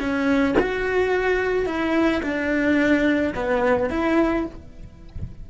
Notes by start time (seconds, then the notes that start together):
0.00 C#4
0.60 F#4
1.67 E4
2.23 D4
3.35 B3
3.91 E4